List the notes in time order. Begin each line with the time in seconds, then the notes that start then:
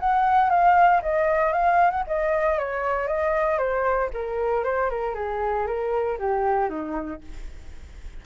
0.00 F#5
0.50 F5
1.03 D#5
1.53 F5
1.91 F#5
2.07 D#5
2.59 C#5
3.08 D#5
3.58 C5
4.14 A#4
4.64 C5
4.90 A#4
5.15 G#4
5.67 A#4
6.19 G4
6.70 D#4